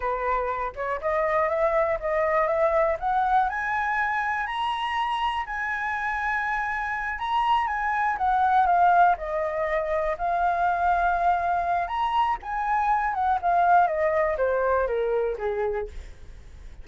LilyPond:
\new Staff \with { instrumentName = "flute" } { \time 4/4 \tempo 4 = 121 b'4. cis''8 dis''4 e''4 | dis''4 e''4 fis''4 gis''4~ | gis''4 ais''2 gis''4~ | gis''2~ gis''8 ais''4 gis''8~ |
gis''8 fis''4 f''4 dis''4.~ | dis''8 f''2.~ f''8 | ais''4 gis''4. fis''8 f''4 | dis''4 c''4 ais'4 gis'4 | }